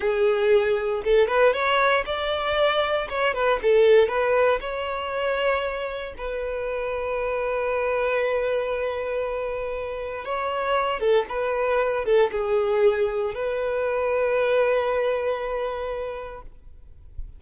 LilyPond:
\new Staff \with { instrumentName = "violin" } { \time 4/4 \tempo 4 = 117 gis'2 a'8 b'8 cis''4 | d''2 cis''8 b'8 a'4 | b'4 cis''2. | b'1~ |
b'1 | cis''4. a'8 b'4. a'8 | gis'2 b'2~ | b'1 | }